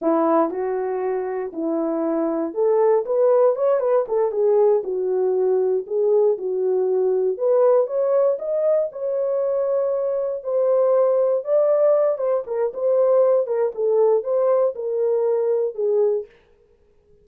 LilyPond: \new Staff \with { instrumentName = "horn" } { \time 4/4 \tempo 4 = 118 e'4 fis'2 e'4~ | e'4 a'4 b'4 cis''8 b'8 | a'8 gis'4 fis'2 gis'8~ | gis'8 fis'2 b'4 cis''8~ |
cis''8 dis''4 cis''2~ cis''8~ | cis''8 c''2 d''4. | c''8 ais'8 c''4. ais'8 a'4 | c''4 ais'2 gis'4 | }